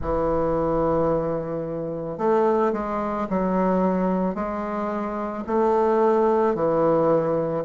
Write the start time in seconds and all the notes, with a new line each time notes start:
0.01 E3
2.18 A3
2.73 G#3
3.29 F#3
4.34 G#3
5.46 A3
6.55 E3